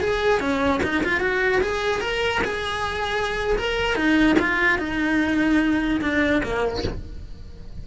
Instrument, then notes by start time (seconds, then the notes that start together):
cello
0.00 G#4
0.40 C#4
0.83 D#4
1.04 F4
1.20 F#4
1.61 G#4
2.01 A#4
2.44 G#4
3.57 A#4
3.95 D#4
4.39 F4
4.78 D#4
6.01 D4
6.43 A#3